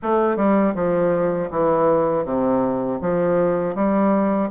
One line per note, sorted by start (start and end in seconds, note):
0.02 0.36 A3
0.36 0.73 G3
0.74 1.49 F3
1.50 2.24 E3
2.24 2.99 C3
3.01 3.75 F3
3.75 4.50 G3